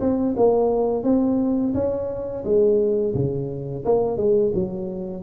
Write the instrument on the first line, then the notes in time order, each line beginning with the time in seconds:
tuba
0.00 C4
0.36 A#3
1.03 C4
1.74 C#4
2.45 G#3
3.15 C#3
3.85 A#3
4.17 G#3
4.54 F#3